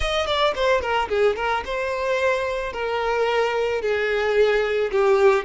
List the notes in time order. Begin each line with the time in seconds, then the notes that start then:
0.00 D#5
0.26 D5
0.55 C5
0.81 A#4
1.09 G#4
1.36 A#4
1.65 C5
2.72 A#4
3.81 G#4
4.91 G4